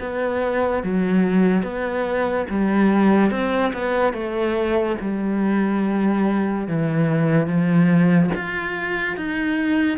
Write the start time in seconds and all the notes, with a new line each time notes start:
0.00 B3
0.83 F#3
1.62 B3
2.50 G3
3.30 C4
3.73 B3
4.13 A3
5.01 G3
6.67 E3
7.47 F3
8.35 F4
9.17 D#4